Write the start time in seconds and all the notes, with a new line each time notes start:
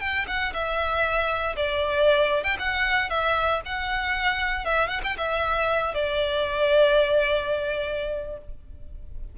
0.00 G5
0.27 F#5
0.53 E5
1.56 D5
2.44 G5
2.59 F#5
3.09 E5
3.65 F#5
4.65 E5
4.87 F#5
5.03 G5
5.17 E5
5.94 D5